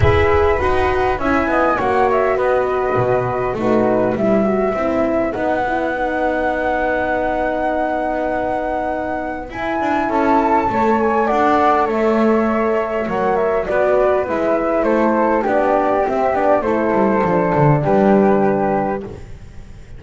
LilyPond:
<<
  \new Staff \with { instrumentName = "flute" } { \time 4/4 \tempo 4 = 101 e''4 fis''4 gis''4 fis''8 e''8 | dis''2 b'4 e''4~ | e''4 fis''2.~ | fis''1 |
gis''4 a''4. gis''8 fis''4 | e''2 fis''8 e''8 d''4 | e''4 c''4 d''4 e''8 d''8 | c''2 b'2 | }
  \new Staff \with { instrumentName = "flute" } { \time 4/4 b'2 e''8 dis''8 cis''4 | b'2 fis'4 b'4~ | b'1~ | b'1~ |
b'4 a'4 cis''4 d''4 | cis''2. b'4~ | b'4 a'4 g'2 | a'2 g'2 | }
  \new Staff \with { instrumentName = "horn" } { \time 4/4 gis'4 fis'4 e'4 fis'4~ | fis'2 dis'4 e'8 fis'8 | e'4 dis'8 e'8 dis'2~ | dis'1 |
e'2 a'2~ | a'2 ais'4 fis'4 | e'2 d'4 c'8 d'8 | e'4 d'2. | }
  \new Staff \with { instrumentName = "double bass" } { \time 4/4 e'4 dis'4 cis'8 b8 ais4 | b4 b,4 a4 g4 | c'4 b2.~ | b1 |
e'8 d'8 cis'4 a4 d'4 | a2 fis4 b4 | gis4 a4 b4 c'8 b8 | a8 g8 f8 d8 g2 | }
>>